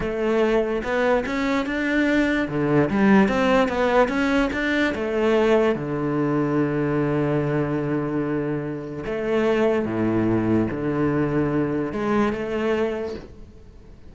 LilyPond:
\new Staff \with { instrumentName = "cello" } { \time 4/4 \tempo 4 = 146 a2 b4 cis'4 | d'2 d4 g4 | c'4 b4 cis'4 d'4 | a2 d2~ |
d1~ | d2 a2 | a,2 d2~ | d4 gis4 a2 | }